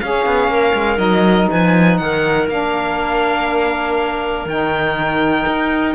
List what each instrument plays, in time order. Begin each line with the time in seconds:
0.00 saxophone C#4, cello C#4, clarinet G#4, violin F5
0.26 cello B3
0.48 cello A#3, clarinet A#4
0.74 cello G#3
0.97 cello F#3, saxophone D#4, violin D#5
1.50 cello F3, clarinet B4, violin G#5
1.98 cello D#3, clarinet A#4, violin F#5
2.48 cello A#3, saxophone D4, violin F5
4.46 cello D#3, saxophone D#4, violin G5
5.47 cello D#4